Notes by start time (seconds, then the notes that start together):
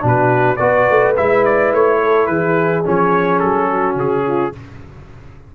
0.00 B2 D4 F#4
0.06 B4
0.56 B3 F#4 B4 D5
0.90 A3
1.16 G#3 E4 E5
1.44 D5
1.72 A3 C#5
2.03 A4
2.26 E3 G#4 B4
2.84 F3 C#4 C#5
3.39 F#3 A4
3.70 F#4
3.95 C#3 G#4
4.27 F4